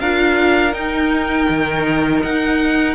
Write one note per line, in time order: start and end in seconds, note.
0.00 0.74 D4
0.00 0.73 F4
0.00 2.95 A#4
0.00 0.74 F5
0.73 2.95 D#4
0.73 1.48 D#4
0.73 2.22 G5
1.49 2.23 D#3
2.23 2.95 D#4
2.23 2.95 F#5